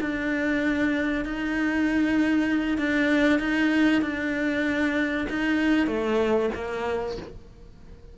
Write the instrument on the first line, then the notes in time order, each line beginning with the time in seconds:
cello
0.00 D4
1.25 D#4
2.78 D4
3.39 D#4
4.01 D4
5.29 D#4
5.87 A3
6.54 A#3